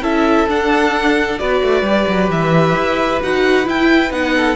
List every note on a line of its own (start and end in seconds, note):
0.00 0.45 C#4
0.00 0.47 E4
0.00 1.39 A4
0.00 0.48 E5
0.48 1.39 D4
0.48 1.39 F#5
1.39 1.62 B3
1.39 1.84 F#4
1.39 4.35 B4
1.39 2.29 D5
1.62 1.82 A3
1.82 2.05 G3
1.82 3.22 G4
2.07 2.29 F#3
2.29 2.75 E3
2.29 3.22 E5
2.75 3.20 E4
3.22 3.66 D#4
3.22 3.65 F#4
3.22 3.68 F#5
3.65 4.10 E4
3.65 4.11 E4
3.65 4.12 G5
4.11 4.55 B3
4.11 4.55 D#4
4.11 4.55 F#5
4.36 4.55 A4